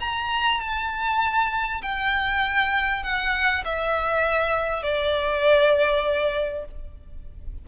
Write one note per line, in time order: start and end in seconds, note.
0.00 0.61 A#5
0.61 1.82 A5
1.82 3.03 G5
3.03 3.64 F#5
3.65 4.83 E5
4.83 6.65 D5